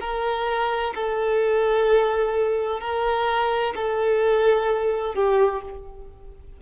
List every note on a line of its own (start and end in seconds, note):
0.00 0.94 A#4
0.94 2.80 A4
2.80 3.74 A#4
3.75 5.14 A4
5.14 5.61 G4